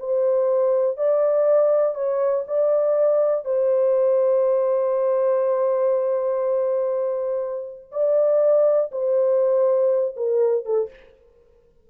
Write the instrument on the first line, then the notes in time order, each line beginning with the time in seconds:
horn
0.00 C5
0.98 D5
1.95 C#5
2.48 D5
3.45 C5
7.92 D5
8.92 C5
10.17 A#4
10.65 A4